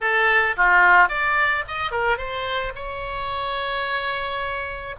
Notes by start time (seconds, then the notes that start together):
0.01 A4
0.56 F4
1.09 D5
1.67 D#5
1.91 A#4
2.17 C5
2.75 C#5